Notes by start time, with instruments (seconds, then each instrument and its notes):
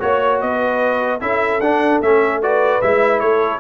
0.00 tuba A#3, trombone F#4, trumpet C#5, horn C#5
0.41 tuba B3, horn B4, trumpet D#5
1.20 tuba C#4, trombone E4, horn A4, trumpet E5
1.60 tuba D4, trombone D4, trumpet F#5
2.01 tuba A3, trombone C#4, trumpet E5
2.42 trombone F#4, horn B4, trumpet D5
2.82 tuba G#3, trombone E4, trumpet E5
3.20 tuba A3, horn A4, trumpet C#5